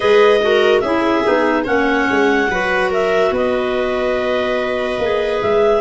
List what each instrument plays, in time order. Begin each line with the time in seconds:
0.00 tuba G#3, clarinet G#4 D#5, viola B4
0.41 clarinet F#4, viola A#4
0.80 tuba C#4, clarinet E4 E5, viola G#4
1.24 tuba B3, clarinet D#4
1.64 tuba A#3, clarinet C#4 F#5, viola C#5
2.10 tuba G#3
2.48 tuba F#3, clarinet F#4, viola B4
2.90 viola A#4, clarinet E5
3.31 tuba B3, viola B4, clarinet D#5
4.98 tuba A#3, clarinet G#4
5.41 tuba G#3, clarinet E5